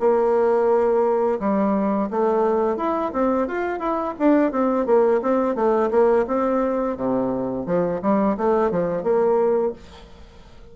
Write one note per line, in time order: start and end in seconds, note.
0.00 1.40 A#3
1.40 2.10 G3
2.11 2.77 A3
2.77 3.12 E4
3.13 3.48 C4
3.48 3.79 F4
3.79 4.14 E4
4.19 4.52 D4
4.52 4.86 C4
4.86 5.21 A#3
5.22 5.55 C4
5.55 5.90 A3
5.91 6.26 A#3
6.27 6.97 C4
6.97 7.66 C3
7.66 8.01 F3
8.02 8.37 G3
8.37 8.71 A3
8.71 9.03 F3
9.03 9.73 A#3